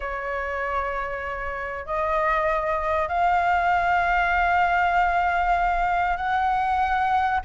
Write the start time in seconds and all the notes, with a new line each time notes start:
0.00 C#5
1.85 D#5
3.08 F5
6.16 F#5